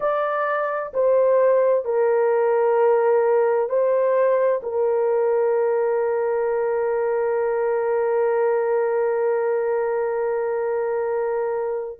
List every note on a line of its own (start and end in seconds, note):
0.00 0.92 D5
0.93 1.85 C5
1.85 3.69 A#4
3.69 4.61 C5
4.62 11.99 A#4